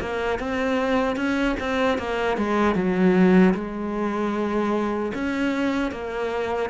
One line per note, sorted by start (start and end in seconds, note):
0.00 0.39 A#3
0.39 1.16 C4
1.16 1.56 C#4
1.60 1.98 C4
1.98 2.37 A#3
2.37 2.75 G#3
2.75 3.54 F#3
3.54 5.12 G#3
5.14 5.91 C#4
5.91 6.70 A#3